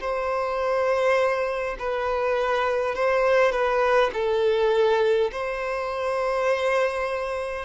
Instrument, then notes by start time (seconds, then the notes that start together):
violin
0.00 C5
1.79 B4
2.95 C5
3.51 B4
4.13 A4
5.31 C5